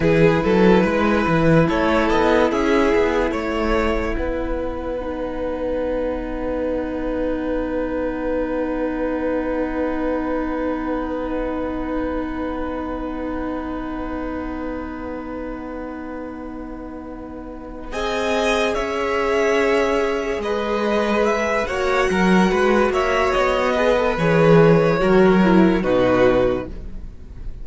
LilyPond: <<
  \new Staff \with { instrumentName = "violin" } { \time 4/4 \tempo 4 = 72 b'2 cis''8 dis''8 e''4 | fis''1~ | fis''1~ | fis''1~ |
fis''1~ | fis''4. gis''4 e''4.~ | e''8 dis''4 e''8 fis''4. e''8 | dis''4 cis''2 b'4 | }
  \new Staff \with { instrumentName = "violin" } { \time 4/4 gis'8 a'8 b'4 a'4 gis'4 | cis''4 b'2.~ | b'1~ | b'1~ |
b'1~ | b'4. dis''4 cis''4.~ | cis''8 b'4. cis''8 ais'8 b'8 cis''8~ | cis''8 b'4. ais'4 fis'4 | }
  \new Staff \with { instrumentName = "viola" } { \time 4/4 e'1~ | e'2 dis'2~ | dis'1~ | dis'1~ |
dis'1~ | dis'4. gis'2~ gis'8~ | gis'2 fis'2~ | fis'8 gis'16 a'16 gis'4 fis'8 e'8 dis'4 | }
  \new Staff \with { instrumentName = "cello" } { \time 4/4 e8 fis8 gis8 e8 a8 b8 cis'8 b8 | a4 b2.~ | b1~ | b1~ |
b1~ | b4. c'4 cis'4.~ | cis'8 gis4. ais8 fis8 gis8 ais8 | b4 e4 fis4 b,4 | }
>>